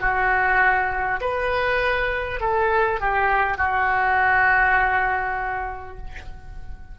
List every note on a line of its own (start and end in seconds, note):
0.00 1.20 F#4
1.21 2.40 B4
2.40 3.00 A4
3.00 3.57 G4
3.57 5.97 F#4